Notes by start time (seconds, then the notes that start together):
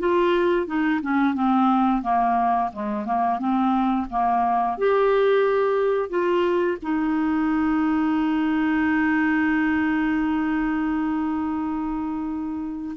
0.00 F4
0.67 D#4
1.02 C#4
1.35 C4
2.03 A#3
2.73 G#3
3.06 A#3
3.39 C4
4.10 A#3
4.78 G4
6.10 F4
6.83 D#4